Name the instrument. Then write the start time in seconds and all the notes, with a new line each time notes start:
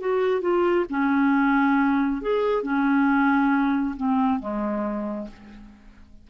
clarinet
0.00 F#4
0.41 F4
0.90 C#4
2.22 G#4
2.63 C#4
3.96 C4
4.40 G#3